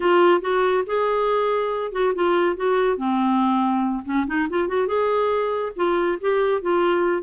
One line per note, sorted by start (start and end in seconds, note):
0.00 0.41 F4
0.41 0.83 F#4
0.86 1.92 G#4
1.92 2.13 F#4
2.14 2.56 F4
2.56 2.97 F#4
2.97 4.03 C4
4.05 4.26 C#4
4.26 4.48 D#4
4.49 4.68 F4
4.68 4.87 F#4
4.87 5.72 G#4
5.75 6.18 F4
6.21 6.61 G4
6.61 7.22 F4